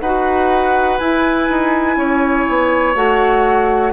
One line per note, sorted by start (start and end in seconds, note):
0.00 0.99 D#4
0.00 1.00 F#4
0.00 1.98 B4
0.00 0.98 F#5
0.98 2.95 E4
0.98 1.49 E4
0.98 2.94 G#5
1.49 1.97 D#4
1.97 2.46 C#4
1.97 3.93 C#5
2.49 2.95 B3
2.95 3.93 A3
2.95 3.93 F#4
2.95 3.93 F#5